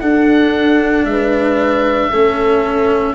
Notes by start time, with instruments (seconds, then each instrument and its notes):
0.00 cello D4, tuba D4, horn A4, oboe F#5
1.05 tuba G#3, horn B4, oboe E5
2.11 tuba A3, cello C#4, horn A4